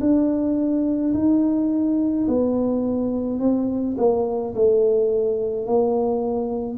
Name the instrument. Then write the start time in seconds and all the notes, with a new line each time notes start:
tuba
0.00 D4
1.13 D#4
2.27 B3
3.39 C4
3.97 A#3
4.55 A3
5.66 A#3